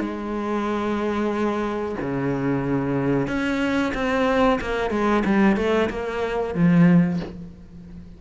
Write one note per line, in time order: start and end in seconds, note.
0.00 1.96 G#3
2.01 3.28 C#3
3.28 3.93 C#4
3.95 4.60 C4
4.62 4.91 A#3
4.91 5.24 G#3
5.25 5.57 G3
5.57 5.90 A3
5.90 6.55 A#3
6.55 7.20 F3